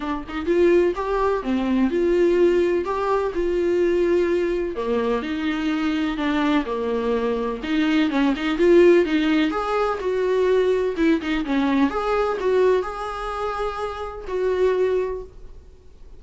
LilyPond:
\new Staff \with { instrumentName = "viola" } { \time 4/4 \tempo 4 = 126 d'8 dis'8 f'4 g'4 c'4 | f'2 g'4 f'4~ | f'2 ais4 dis'4~ | dis'4 d'4 ais2 |
dis'4 cis'8 dis'8 f'4 dis'4 | gis'4 fis'2 e'8 dis'8 | cis'4 gis'4 fis'4 gis'4~ | gis'2 fis'2 | }